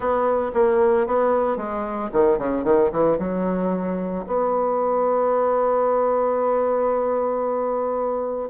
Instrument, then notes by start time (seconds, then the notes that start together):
bassoon
0.00 B3
0.54 A#3
1.06 B3
1.56 G#3
2.12 D#3
2.38 C#3
2.64 D#3
2.91 E3
3.18 F#3
4.26 B3